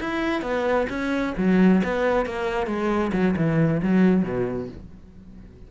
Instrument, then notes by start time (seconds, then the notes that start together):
cello
0.00 E4
0.42 B3
0.89 C#4
1.37 F#3
1.84 B3
2.26 A#3
2.66 G#3
3.12 F#3
3.36 E3
3.82 F#3
4.23 B2